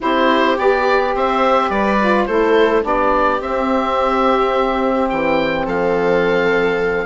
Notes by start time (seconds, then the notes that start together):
0.00 C4 E4 G4 C5
0.55 B3 G4 D5
1.14 C4 C5 E5
1.69 G3 B4 D5
2.00 F4
2.25 A3 E4 A4 C5
2.81 B3 D4 G4 D5
3.40 C4 E5
5.09 E3 G5
5.66 F3 A4 F5